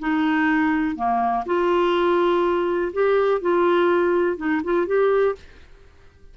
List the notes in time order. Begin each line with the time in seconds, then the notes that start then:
0.00 D#4
0.96 A#3
1.46 F4
2.93 G4
3.41 F4
4.37 D#4
4.64 F4
4.87 G4